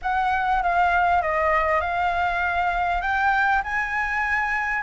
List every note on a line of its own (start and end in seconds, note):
0.02 0.62 F#5
0.62 1.21 F5
1.21 1.80 D#5
1.80 3.01 F5
3.01 3.62 G5
3.63 4.82 G#5